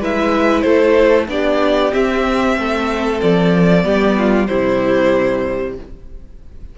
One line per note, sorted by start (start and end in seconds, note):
0.00 0.64 G#3
0.00 1.28 E4
0.00 0.65 B4
0.00 0.61 E5
0.61 1.28 A3
0.61 1.29 A4
0.61 1.25 C5
1.28 1.92 B3
1.28 1.92 D4
1.28 2.59 G4
1.28 1.93 D5
1.92 3.83 C4
1.92 2.57 C4
1.92 3.21 E5
2.57 3.21 A3
2.57 3.85 A4
3.22 3.85 F3
3.22 4.47 D5
3.83 4.49 G3
3.83 4.47 B3
3.83 4.16 G4
4.19 4.49 F4
4.47 5.79 C3
4.47 5.77 G3
4.47 5.76 E4
4.47 5.74 C5